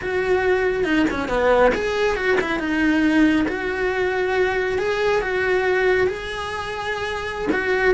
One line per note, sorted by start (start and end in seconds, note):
0.01 0.84 F#4
0.84 1.05 D#4
1.10 1.28 C#4
1.28 1.72 B3
1.74 2.16 G#4
2.16 2.38 F#4
2.40 2.59 E4
2.59 3.46 D#4
3.48 4.78 F#4
4.78 5.21 G#4
5.21 6.07 F#4
6.07 7.48 G#4
7.52 7.94 F#4